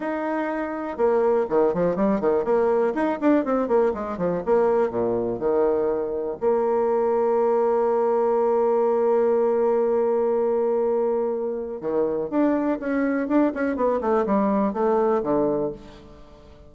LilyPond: \new Staff \with { instrumentName = "bassoon" } { \time 4/4 \tempo 4 = 122 dis'2 ais4 dis8 f8 | g8 dis8 ais4 dis'8 d'8 c'8 ais8 | gis8 f8 ais4 ais,4 dis4~ | dis4 ais2.~ |
ais1~ | ais1 | dis4 d'4 cis'4 d'8 cis'8 | b8 a8 g4 a4 d4 | }